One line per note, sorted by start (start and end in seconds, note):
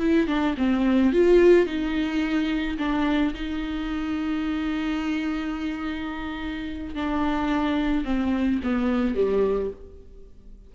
0.00 0.28 E4
0.28 0.55 D4
0.58 1.13 C4
1.13 1.66 F4
1.66 2.78 D#4
2.79 3.34 D4
3.35 6.95 D#4
6.95 8.05 D4
8.05 8.61 C4
8.64 9.15 B3
9.15 9.71 G3